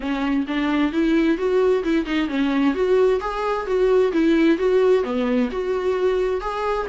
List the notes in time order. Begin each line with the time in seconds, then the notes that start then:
0.00 C#4
0.47 D4
0.92 E4
1.37 F#4
1.83 E4
2.05 D#4
2.28 C#4
2.74 F#4
3.20 G#4
3.66 F#4
4.12 E4
4.58 F#4
5.03 B3
5.51 F#4
6.41 G#4